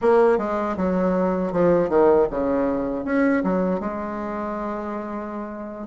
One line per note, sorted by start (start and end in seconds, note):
0.01 0.38 A#3
0.38 0.76 G#3
0.77 1.52 F#3
1.52 1.89 F3
1.89 2.27 D#3
2.30 3.04 C#3
3.04 3.42 C#4
3.43 3.80 F#3
3.80 5.87 G#3